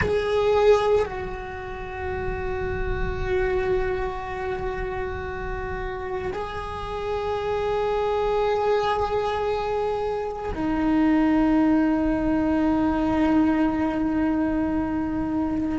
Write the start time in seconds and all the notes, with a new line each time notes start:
0.00 G#4
1.05 F#4
6.32 G#4
10.54 D#4